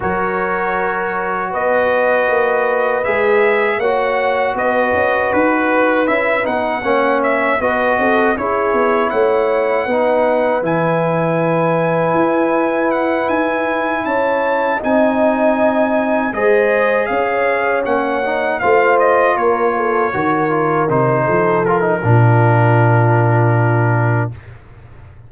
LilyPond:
<<
  \new Staff \with { instrumentName = "trumpet" } { \time 4/4 \tempo 4 = 79 cis''2 dis''2 | e''4 fis''4 dis''4 b'4 | e''8 fis''4 e''8 dis''4 cis''4 | fis''2 gis''2~ |
gis''4 fis''8 gis''4 a''4 gis''8~ | gis''4. dis''4 f''4 fis''8~ | fis''8 f''8 dis''8 cis''2 c''8~ | c''8 ais'2.~ ais'8 | }
  \new Staff \with { instrumentName = "horn" } { \time 4/4 ais'2 b'2~ | b'4 cis''4 b'2~ | b'4 cis''4 b'8 a'8 gis'4 | cis''4 b'2.~ |
b'2~ b'8 cis''4 dis''8~ | dis''4. c''4 cis''4.~ | cis''8 c''4 ais'8 a'8 ais'4. | a'4 f'2. | }
  \new Staff \with { instrumentName = "trombone" } { \time 4/4 fis'1 | gis'4 fis'2. | e'8 dis'8 cis'4 fis'4 e'4~ | e'4 dis'4 e'2~ |
e'2.~ e'8 dis'8~ | dis'4. gis'2 cis'8 | dis'8 f'2 fis'8 f'8 dis'8~ | dis'8 f'16 dis'16 d'2. | }
  \new Staff \with { instrumentName = "tuba" } { \time 4/4 fis2 b4 ais4 | gis4 ais4 b8 cis'8 dis'4 | cis'8 b8 ais4 b8 c'8 cis'8 b8 | a4 b4 e2 |
e'4. dis'4 cis'4 c'8~ | c'4. gis4 cis'4 ais8~ | ais8 a4 ais4 dis4 c8 | f4 ais,2. | }
>>